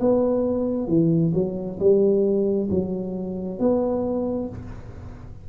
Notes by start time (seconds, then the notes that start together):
0.00 B3
0.87 E3
1.34 F#3
1.79 G3
2.70 F#3
3.59 B3